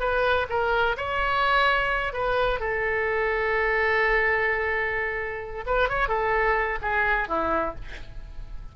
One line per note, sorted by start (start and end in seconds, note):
0.00 0.47 B4
0.50 0.97 A#4
0.97 2.13 C#5
2.13 2.60 B4
2.60 5.65 A4
5.67 5.89 B4
5.89 6.08 C#5
6.08 6.79 A4
6.82 7.28 G#4
7.28 7.75 E4